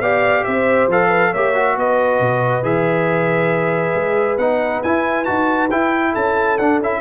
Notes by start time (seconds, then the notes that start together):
0.00 B3 G4 D5 F5
0.44 C4 C5 E5
0.88 F3 A4 F5
1.09 B4
1.31 A#3 G4 C#5 E5
1.55 F#4
1.77 B3 B4 D#5
2.20 B2
2.63 E3 G#4 E5
3.95 G#3
4.38 B3 D#4 F#5
4.83 E4 G#5
5.25 D#4 F#4 A5
5.71 E4 G5
6.13 C#4 A4 A5
6.58 D4 F#5
6.80 C#4 E4 E5